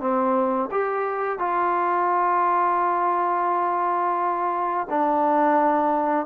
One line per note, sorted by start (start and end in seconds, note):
0.00 0.70 C4
0.71 1.39 G4
1.39 4.88 F4
4.90 6.26 D4